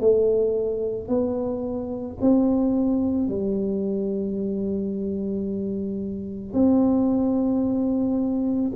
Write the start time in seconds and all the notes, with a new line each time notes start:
0.00 A3
1.08 B3
2.21 C4
3.28 G3
6.53 C4